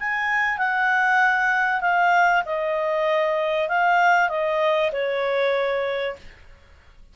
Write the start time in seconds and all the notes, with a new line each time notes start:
0.00 G#5
0.58 F#5
1.82 F5
2.46 D#5
3.69 F5
4.29 D#5
4.93 C#5